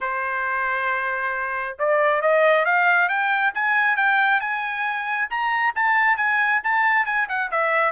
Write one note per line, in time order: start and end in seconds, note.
0.01 1.77 C5
1.78 2.21 D5
2.21 2.65 D#5
2.65 3.08 F5
3.08 3.53 G5
3.54 3.96 G#5
3.96 4.40 G5
4.40 5.28 G#5
5.29 5.74 A#5
5.75 6.16 A5
6.16 6.61 G#5
6.63 7.05 A5
7.05 7.27 G#5
7.28 7.50 F#5
7.51 7.92 E5